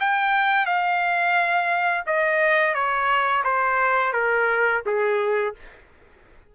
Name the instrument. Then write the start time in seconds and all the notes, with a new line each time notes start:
trumpet
0.00 G5
0.66 F5
2.07 D#5
2.74 C#5
3.44 C5
4.13 A#4
4.86 G#4